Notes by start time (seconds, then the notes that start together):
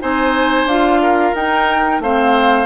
0.00 C4 D#4 C5 G#5
0.65 D4 F4 F5
1.02 A#4
1.34 D#4 G5
1.99 A3 C4 C5 F5